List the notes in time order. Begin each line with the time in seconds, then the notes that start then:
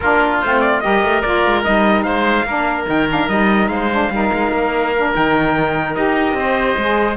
0.00 A#3 D4 F4 A#4
0.41 A3 C4 C5
0.60 D5
0.80 G3 G4 A#4 D#5
1.02 A3
1.21 A#3 F4 D5
1.45 G#3
1.63 G3 D#4 D#5
2.03 G#3 C5 F5
2.44 A#3 D4 A#4
2.86 D#3 D#4 G5
3.09 D4 F5
3.28 G3 D#4 D#5
3.68 G#3 C5 F5
3.90 D4
4.10 G3 D#4 A#4
4.32 G#3
4.51 A#3
4.96 D4
5.14 D#3 D#4 G5
5.94 D#4 G4 D#5
6.33 C4 C5
6.77 G#3 G#4